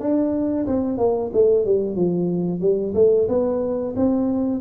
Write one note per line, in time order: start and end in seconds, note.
0.00 0.66 D4
0.67 0.98 C4
0.98 1.31 A#3
1.33 1.65 A3
1.65 1.95 G3
1.95 2.60 F3
2.60 2.93 G3
2.95 3.28 A3
3.28 3.94 B3
3.96 4.61 C4